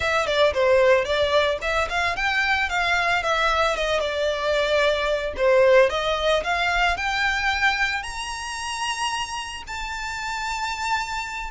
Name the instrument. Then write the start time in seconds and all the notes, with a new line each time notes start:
violin
0.00 E5
0.26 D5
0.53 C5
1.04 D5
1.61 E5
1.89 F5
2.16 G5
2.69 F5
3.22 E5
3.76 D#5
3.99 D5
5.36 C5
5.89 D#5
6.43 F5
6.96 G5
8.02 A#5
9.67 A5